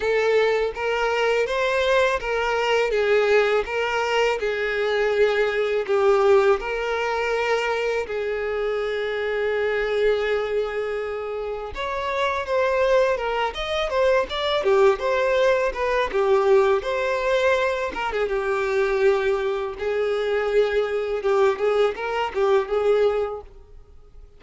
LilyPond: \new Staff \with { instrumentName = "violin" } { \time 4/4 \tempo 4 = 82 a'4 ais'4 c''4 ais'4 | gis'4 ais'4 gis'2 | g'4 ais'2 gis'4~ | gis'1 |
cis''4 c''4 ais'8 dis''8 c''8 d''8 | g'8 c''4 b'8 g'4 c''4~ | c''8 ais'16 gis'16 g'2 gis'4~ | gis'4 g'8 gis'8 ais'8 g'8 gis'4 | }